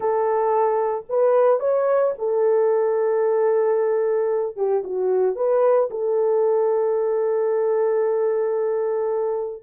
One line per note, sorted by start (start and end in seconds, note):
0.00 1.05 A4
1.09 1.59 B4
1.59 2.13 C#5
2.18 4.56 A4
4.56 4.83 G4
4.84 5.35 F#4
5.35 5.89 B4
5.90 9.63 A4